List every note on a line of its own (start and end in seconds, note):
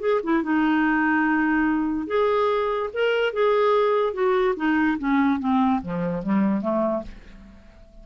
0.00 0.21 G#4
0.23 0.43 E4
0.43 2.07 D#4
2.07 2.90 G#4
2.93 3.33 A#4
3.33 4.13 G#4
4.13 4.55 F#4
4.56 4.98 D#4
4.99 5.40 C#4
5.40 5.81 C4
5.82 6.23 F3
6.23 6.61 G3
6.61 7.03 A3